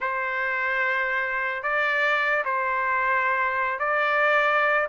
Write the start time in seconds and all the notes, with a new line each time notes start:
0.00 C5
1.62 D5
2.44 C5
3.79 D5